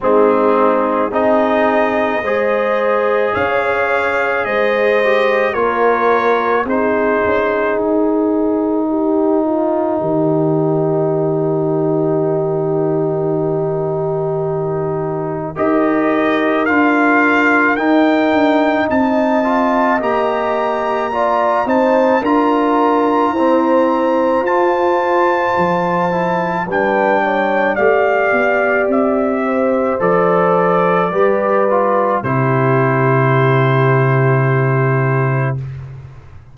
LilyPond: <<
  \new Staff \with { instrumentName = "trumpet" } { \time 4/4 \tempo 4 = 54 gis'4 dis''2 f''4 | dis''4 cis''4 c''4 ais'4~ | ais'1~ | ais'2 dis''4 f''4 |
g''4 a''4 ais''4. a''8 | ais''2 a''2 | g''4 f''4 e''4 d''4~ | d''4 c''2. | }
  \new Staff \with { instrumentName = "horn" } { \time 4/4 dis'4 gis'4 c''4 cis''4 | c''4 ais'4 gis'2 | g'8 f'8 g'2.~ | g'2 ais'2~ |
ais'4 dis''2 d''8 c''8 | ais'4 c''2. | b'8 cis''8 d''4. c''4. | b'4 g'2. | }
  \new Staff \with { instrumentName = "trombone" } { \time 4/4 c'4 dis'4 gis'2~ | gis'8 g'8 f'4 dis'2~ | dis'1~ | dis'2 g'4 f'4 |
dis'4. f'8 g'4 f'8 dis'8 | f'4 c'4 f'4. e'8 | d'4 g'2 a'4 | g'8 f'8 e'2. | }
  \new Staff \with { instrumentName = "tuba" } { \time 4/4 gis4 c'4 gis4 cis'4 | gis4 ais4 c'8 cis'8 dis'4~ | dis'4 dis2.~ | dis2 dis'4 d'4 |
dis'8 d'8 c'4 ais4. c'8 | d'4 e'4 f'4 f4 | g4 a8 b8 c'4 f4 | g4 c2. | }
>>